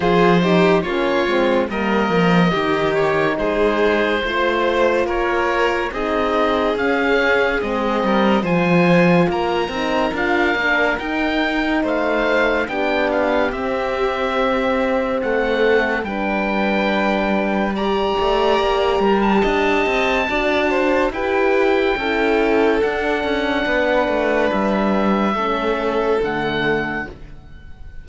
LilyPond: <<
  \new Staff \with { instrumentName = "oboe" } { \time 4/4 \tempo 4 = 71 c''4 cis''4 dis''4. cis''8 | c''2 cis''4 dis''4 | f''4 dis''4 gis''4 ais''4 | f''4 g''4 f''4 g''8 f''8 |
e''2 fis''4 g''4~ | g''4 ais''4.~ ais''16 a''4~ a''16~ | a''4 g''2 fis''4~ | fis''4 e''2 fis''4 | }
  \new Staff \with { instrumentName = "violin" } { \time 4/4 gis'8 g'8 f'4 ais'4 g'4 | gis'4 c''4 ais'4 gis'4~ | gis'4. ais'8 c''4 ais'4~ | ais'2 c''4 g'4~ |
g'2 a'4 b'4~ | b'4 d''4. ais'8 dis''4 | d''8 c''8 b'4 a'2 | b'2 a'2 | }
  \new Staff \with { instrumentName = "horn" } { \time 4/4 f'8 dis'8 cis'8 c'8 ais4 dis'4~ | dis'4 f'2 dis'4 | cis'4 c'4 f'4. dis'8 | f'8 d'8 dis'2 d'4 |
c'2. d'4~ | d'4 g'2. | fis'4 g'4 e'4 d'4~ | d'2 cis'4 a4 | }
  \new Staff \with { instrumentName = "cello" } { \time 4/4 f4 ais8 gis8 g8 f8 dis4 | gis4 a4 ais4 c'4 | cis'4 gis8 g8 f4 ais8 c'8 | d'8 ais8 dis'4 a4 b4 |
c'2 a4 g4~ | g4. a8 ais8 g8 d'8 c'8 | d'4 e'4 cis'4 d'8 cis'8 | b8 a8 g4 a4 d4 | }
>>